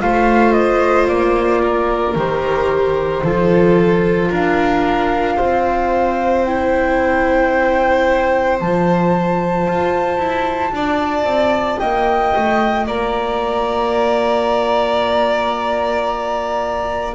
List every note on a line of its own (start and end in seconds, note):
0.00 1.08 A3
0.00 2.14 F4
0.00 1.61 C5
0.00 0.52 F5
0.52 1.06 D#5
1.07 2.15 A#3
1.07 2.14 D5
1.62 3.23 A#4
2.15 3.22 D#3
2.15 3.24 G4
2.15 4.33 C5
3.23 4.31 F3
3.23 6.45 F4
3.23 4.29 A4
4.29 5.38 D4
4.29 5.36 A#4
4.29 6.44 F5
5.36 8.60 C4
5.36 10.72 C5
6.44 8.57 E4
6.44 8.58 G5
8.57 9.67 F3
8.57 17.15 F4
8.57 11.78 A5
9.67 10.18 F4
10.18 10.71 E4
10.72 11.24 D4
10.72 11.79 D5
11.24 11.77 C4
11.78 12.35 A#3
11.78 12.86 D#5
11.78 12.85 G5
12.35 12.87 A3
12.86 17.15 A#3
12.86 17.15 D5
12.86 17.15 A#5